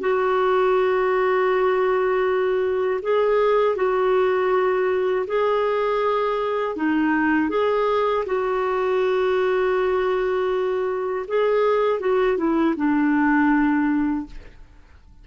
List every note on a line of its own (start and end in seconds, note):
0.00 3.00 F#4
3.02 3.76 G#4
3.76 5.26 F#4
5.27 6.76 G#4
6.76 7.49 D#4
7.49 8.24 G#4
8.26 11.26 F#4
11.28 12.00 G#4
12.00 12.37 F#4
12.37 12.75 E4
12.76 14.26 D4